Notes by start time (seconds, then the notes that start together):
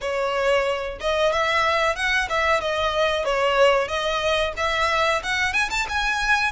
0.01 C#5
1.00 D#5
1.32 E5
1.95 F#5
2.29 E5
2.61 D#5
3.24 C#5
3.88 D#5
4.57 E5
5.23 F#5
5.53 G#5
5.70 A5
5.88 G#5